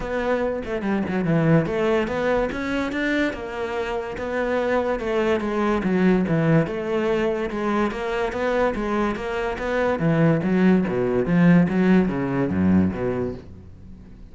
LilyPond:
\new Staff \with { instrumentName = "cello" } { \time 4/4 \tempo 4 = 144 b4. a8 g8 fis8 e4 | a4 b4 cis'4 d'4 | ais2 b2 | a4 gis4 fis4 e4 |
a2 gis4 ais4 | b4 gis4 ais4 b4 | e4 fis4 b,4 f4 | fis4 cis4 fis,4 b,4 | }